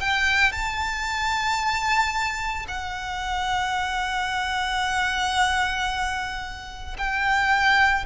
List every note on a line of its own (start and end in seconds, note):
0.00 0.52 G5
0.52 2.66 A5
2.68 6.97 F#5
6.98 8.05 G5